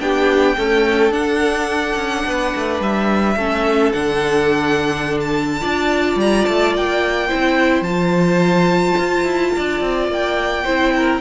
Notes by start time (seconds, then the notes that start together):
0.00 B3 D4 G4 G5
0.57 A3 C#4 A4
1.11 D4 F#5
1.96 C#4
2.26 B3 B4
2.56 A3
2.80 G3 E5
3.36 A3 C#4 A4
3.93 D3 D4 F#5
5.21 A5
5.60 D4 F4 D5
6.16 G3 A#5
6.46 A3 A5
6.74 A#3 G5
7.28 E4 C5
7.34 C4
7.81 F3 F4 A5
8.98 F4
9.24 E4
9.56 D4 D5
9.80 C4
10.08 A#3 G5
10.64 C4 E4 C5
10.96 A#4